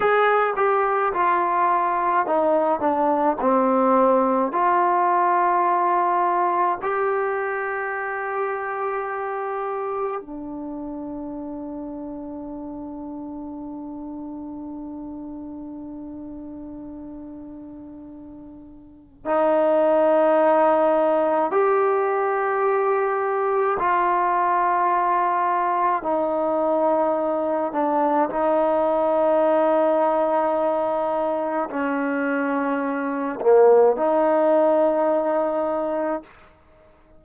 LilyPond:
\new Staff \with { instrumentName = "trombone" } { \time 4/4 \tempo 4 = 53 gis'8 g'8 f'4 dis'8 d'8 c'4 | f'2 g'2~ | g'4 d'2.~ | d'1~ |
d'4 dis'2 g'4~ | g'4 f'2 dis'4~ | dis'8 d'8 dis'2. | cis'4. ais8 dis'2 | }